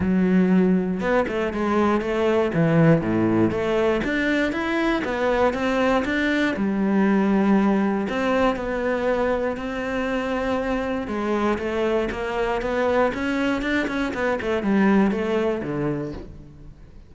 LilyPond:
\new Staff \with { instrumentName = "cello" } { \time 4/4 \tempo 4 = 119 fis2 b8 a8 gis4 | a4 e4 a,4 a4 | d'4 e'4 b4 c'4 | d'4 g2. |
c'4 b2 c'4~ | c'2 gis4 a4 | ais4 b4 cis'4 d'8 cis'8 | b8 a8 g4 a4 d4 | }